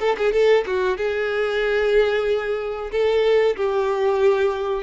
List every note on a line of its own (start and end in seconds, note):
0.00 0.16 A4
0.18 0.32 G#4
0.32 0.65 A4
0.67 0.97 F#4
0.97 2.91 G#4
2.91 3.56 A4
3.57 4.83 G4